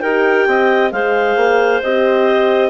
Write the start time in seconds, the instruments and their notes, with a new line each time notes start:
0.00 bassoon D#4, horn G4, clarinet A#4 G5
0.47 bassoon C4, clarinet D#5
0.91 bassoon G#3, horn G#4, clarinet C5 F5
1.36 bassoon A#3
1.82 bassoon C4, horn G4, clarinet D#5